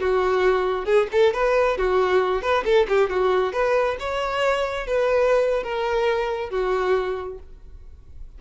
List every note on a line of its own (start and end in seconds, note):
0.00 0.85 F#4
0.85 1.07 G#4
1.12 1.34 A4
1.34 1.78 B4
1.78 2.42 F#4
2.42 2.64 B4
2.65 2.87 A4
2.89 3.09 G4
3.09 3.53 F#4
3.53 3.97 B4
3.99 4.87 C#5
4.87 5.63 B4
5.63 6.50 A#4
6.50 7.38 F#4